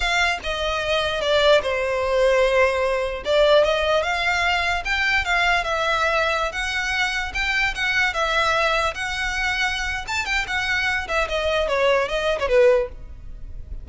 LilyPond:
\new Staff \with { instrumentName = "violin" } { \time 4/4 \tempo 4 = 149 f''4 dis''2 d''4 | c''1 | d''4 dis''4 f''2 | g''4 f''4 e''2~ |
e''16 fis''2 g''4 fis''8.~ | fis''16 e''2 fis''4.~ fis''16~ | fis''4 a''8 g''8 fis''4. e''8 | dis''4 cis''4 dis''8. cis''16 b'4 | }